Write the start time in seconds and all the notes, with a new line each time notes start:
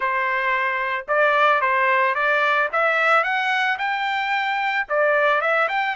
0.00 C5
1.08 D5
1.61 C5
2.14 D5
2.72 E5
3.23 F#5
3.78 G5
4.88 D5
5.41 E5
5.68 G5